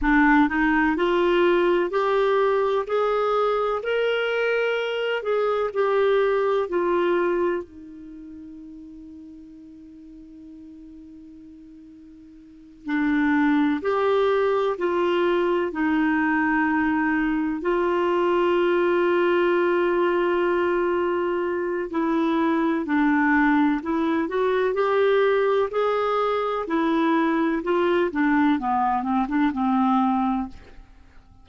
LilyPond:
\new Staff \with { instrumentName = "clarinet" } { \time 4/4 \tempo 4 = 63 d'8 dis'8 f'4 g'4 gis'4 | ais'4. gis'8 g'4 f'4 | dis'1~ | dis'4. d'4 g'4 f'8~ |
f'8 dis'2 f'4.~ | f'2. e'4 | d'4 e'8 fis'8 g'4 gis'4 | e'4 f'8 d'8 b8 c'16 d'16 c'4 | }